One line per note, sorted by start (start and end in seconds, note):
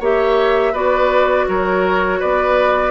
0.00 0.74 A#3
0.00 0.75 G4
0.00 0.73 C#5
0.00 0.75 E5
0.73 1.47 B3
0.73 2.91 F#4
0.73 1.46 B4
0.73 1.48 D5
1.48 2.21 F#3
1.48 2.20 A#4
1.48 2.21 C#5
2.20 2.91 B3
2.20 2.91 B4
2.20 2.91 D5